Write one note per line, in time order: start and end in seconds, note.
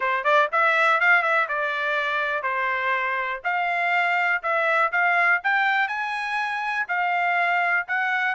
0.00 0.24 C5
0.24 0.48 D5
0.51 1.00 E5
1.00 1.22 F5
1.22 1.47 E5
1.48 2.42 D5
2.42 3.41 C5
3.44 4.42 F5
4.42 4.91 E5
4.92 5.41 F5
5.43 5.87 G5
5.87 6.86 G#5
6.88 7.86 F5
7.87 8.35 F#5